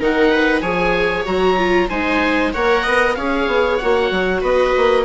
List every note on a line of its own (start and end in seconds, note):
0.00 0.62 D#3
0.00 0.63 D#4
0.00 0.31 A#4
0.00 0.61 F#5
0.31 0.62 B4
0.61 1.25 F3
0.61 1.25 G#4
0.61 1.88 C#5
0.61 1.24 G#5
1.25 1.90 F#3
1.25 1.57 F#4
1.25 1.89 A#5
1.58 1.90 F4
1.89 2.54 G#3
1.89 2.53 D#4
1.89 2.52 C5
1.89 2.53 G#5
2.53 2.86 A#3
2.53 3.17 A#4
2.53 2.83 C#5
2.53 3.15 F#5
2.83 3.17 B3
2.83 3.15 D#5
3.15 3.47 C#4
3.15 3.80 G#4
3.15 4.41 C#5
3.15 3.77 F5
3.47 3.79 B3
3.77 4.11 A#3
3.77 5.05 F#4
3.77 4.41 F#5
4.11 4.42 F#3
4.41 4.74 B3
4.41 5.04 B4
4.41 5.05 D#5
4.77 5.05 A#3